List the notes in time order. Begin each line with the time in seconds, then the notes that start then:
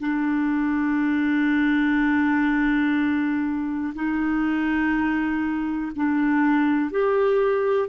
0.00 D4
3.95 D#4
5.96 D4
6.91 G4